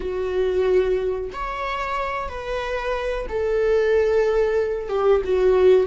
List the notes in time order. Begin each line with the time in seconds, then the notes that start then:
0.00 F#4
1.32 C#5
2.29 B4
3.28 A4
4.89 G4
5.24 F#4